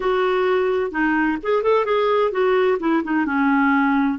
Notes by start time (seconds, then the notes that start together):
0.00 F#4
0.91 D#4
1.42 G#4
1.63 A4
1.85 G#4
2.31 F#4
2.79 E4
3.03 D#4
3.25 C#4